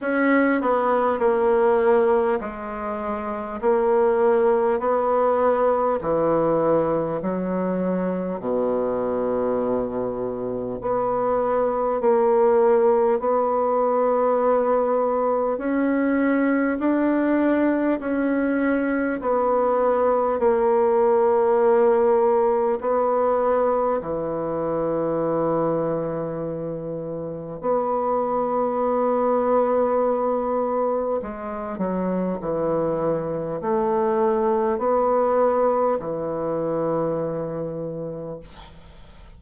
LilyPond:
\new Staff \with { instrumentName = "bassoon" } { \time 4/4 \tempo 4 = 50 cis'8 b8 ais4 gis4 ais4 | b4 e4 fis4 b,4~ | b,4 b4 ais4 b4~ | b4 cis'4 d'4 cis'4 |
b4 ais2 b4 | e2. b4~ | b2 gis8 fis8 e4 | a4 b4 e2 | }